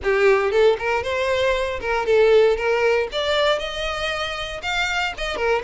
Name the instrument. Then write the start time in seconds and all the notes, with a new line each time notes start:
violin
0.03 G4
0.51 A4
0.78 A#4
1.03 C5
1.81 A#4
2.06 A4
2.56 A#4
3.12 D5
3.58 D#5
4.62 F5
5.17 D#5
5.36 A#4